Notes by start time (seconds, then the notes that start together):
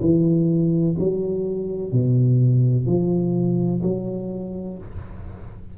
0.00 E3
0.99 F#3
1.92 B2
2.86 F3
3.82 F#3